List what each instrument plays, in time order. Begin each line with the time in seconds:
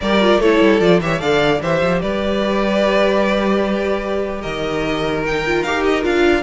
0.01 cello G3, viola G4, violin A#4 D5
0.20 viola F4
0.37 cello A3, viola E4, violin A4 C#5
0.61 cello G3
0.80 cello F3, viola F4, violin D5
1.01 cello E3, viola G4, violin C#5 E5
1.19 cello D3, viola A4, violin D5 F5
1.61 cello E3, viola G4, violin C5 E5
1.81 cello F3
2.01 cello G3, violin B4 D5
4.41 cello D#3, violin A#4 D#5
5.24 viola D#4, violin G5
5.46 viola F4
5.63 cello D#4, viola G4, violin F5
5.84 violin D#5
6.02 cello D4, viola F4, violin F5